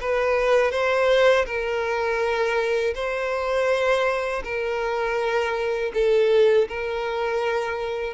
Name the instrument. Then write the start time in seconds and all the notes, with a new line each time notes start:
violin
0.00 B4
0.71 C5
1.45 A#4
2.94 C5
4.43 A#4
5.94 A4
6.68 A#4